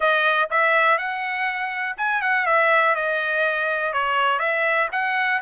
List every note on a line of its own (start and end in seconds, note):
0.00 0.49 D#5
0.50 0.97 E5
0.97 1.96 F#5
1.97 2.21 G#5
2.21 2.46 F#5
2.46 2.95 E5
2.95 3.93 D#5
3.93 4.39 C#5
4.39 4.88 E5
4.92 5.41 F#5